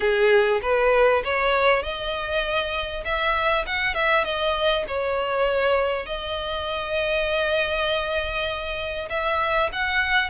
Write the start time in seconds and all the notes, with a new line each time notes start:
0.00 G#4
0.62 B4
1.24 C#5
1.82 D#5
3.04 E5
3.66 F#5
3.94 E5
4.24 D#5
4.87 C#5
6.06 D#5
9.09 E5
9.72 F#5